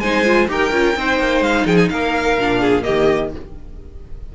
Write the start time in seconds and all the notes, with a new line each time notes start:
0.00 G#3 D#4 C5 G#5
0.25 F4
0.48 D#4 G4 A#4 G5
0.72 C#4 F4
0.97 C4 D#4 C5
1.19 A#3
1.41 G#3 F5
1.66 F3 G#4 G5
1.77 G#5
1.89 A#3 A#4 F5
2.39 A#2 D4
2.60 G#4
2.83 D#3 A#3 G4 D#5